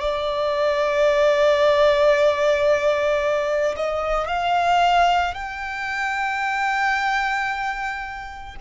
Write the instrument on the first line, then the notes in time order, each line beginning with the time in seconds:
violin
0.00 D5
3.76 D#5
4.27 F5
5.34 G5